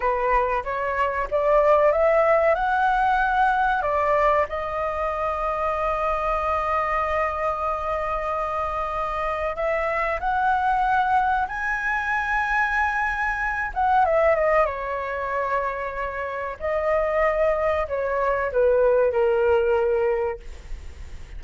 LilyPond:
\new Staff \with { instrumentName = "flute" } { \time 4/4 \tempo 4 = 94 b'4 cis''4 d''4 e''4 | fis''2 d''4 dis''4~ | dis''1~ | dis''2. e''4 |
fis''2 gis''2~ | gis''4. fis''8 e''8 dis''8 cis''4~ | cis''2 dis''2 | cis''4 b'4 ais'2 | }